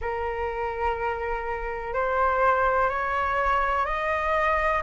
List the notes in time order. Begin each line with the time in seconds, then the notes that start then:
0.01 A#4
1.93 C5
2.89 C#5
3.85 D#5